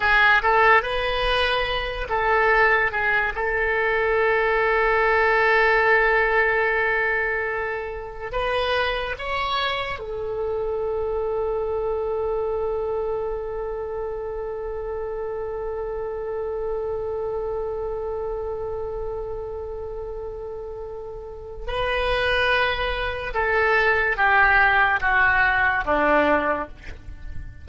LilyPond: \new Staff \with { instrumentName = "oboe" } { \time 4/4 \tempo 4 = 72 gis'8 a'8 b'4. a'4 gis'8 | a'1~ | a'2 b'4 cis''4 | a'1~ |
a'1~ | a'1~ | a'2 b'2 | a'4 g'4 fis'4 d'4 | }